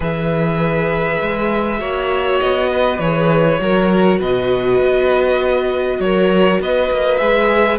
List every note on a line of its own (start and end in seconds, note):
0.00 1.17 E3
0.00 1.78 G#4
0.00 1.79 B4
0.00 2.40 E5
1.21 1.80 G#3
1.78 2.40 A#3
1.78 2.98 F#4
1.78 2.69 C#5
2.40 2.98 B3
2.40 2.99 D#5
2.70 3.60 B4
2.98 3.58 E3
2.98 3.58 G#4
2.98 4.19 C#5
3.58 4.20 F#3
3.58 7.18 F#4
3.58 4.19 A#4
4.19 4.79 B2
4.19 5.99 B4
4.19 6.00 D#5
4.79 5.99 B3
5.99 6.59 F#3
5.99 6.61 A#4
5.99 6.60 C#5
6.60 6.90 B3
6.60 7.79 B4
6.60 7.17 D#5
6.91 7.20 A#3
7.17 7.79 G#3
7.17 7.79 G#4
7.17 7.77 E5